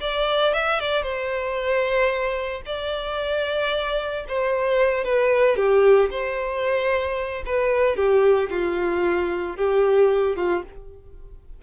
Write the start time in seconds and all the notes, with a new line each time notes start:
0.00 D5
0.53 E5
0.79 D5
1.02 C5
2.65 D5
4.28 C5
5.04 B4
5.56 G4
6.10 C5
7.46 B4
7.96 G4
8.50 F4
9.56 G4
10.36 F4